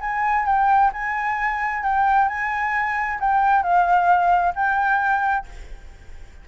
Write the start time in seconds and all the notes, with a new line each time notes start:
0.00 G#5
0.45 G5
0.93 G#5
1.83 G5
2.28 G#5
3.20 G5
3.62 F5
4.55 G5